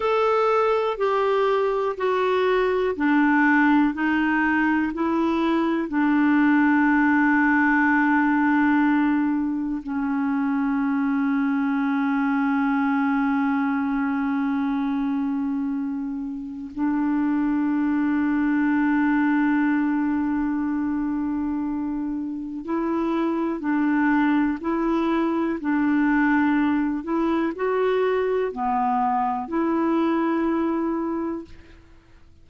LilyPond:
\new Staff \with { instrumentName = "clarinet" } { \time 4/4 \tempo 4 = 61 a'4 g'4 fis'4 d'4 | dis'4 e'4 d'2~ | d'2 cis'2~ | cis'1~ |
cis'4 d'2.~ | d'2. e'4 | d'4 e'4 d'4. e'8 | fis'4 b4 e'2 | }